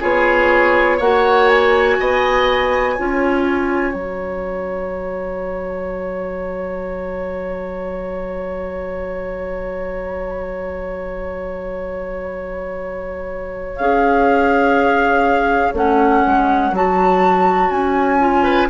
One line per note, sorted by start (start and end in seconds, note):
0.00 1.00 B3
0.00 0.99 F4
0.00 0.98 G#4
0.00 1.00 C#5
0.98 1.98 A#3
0.98 2.97 F#4
0.98 1.96 C#5
0.98 1.49 F#5
1.49 3.94 G#5
2.00 2.98 B3
2.00 2.94 D#5
2.94 3.94 C#4
2.94 3.94 F4
2.94 18.43 C#5
3.94 13.78 F#3
3.94 13.77 F#4
3.94 13.76 A#5
13.76 15.73 C#4
13.76 15.75 G#4
13.76 15.73 F5
15.73 16.22 A3
15.73 16.73 C#4
15.73 16.75 F#5
16.26 16.72 G#3
16.72 17.70 F#3
16.72 18.19 F#4
16.72 17.71 A5
17.70 18.68 C#4
17.70 18.69 G#5
18.19 18.69 F4
18.43 18.68 B4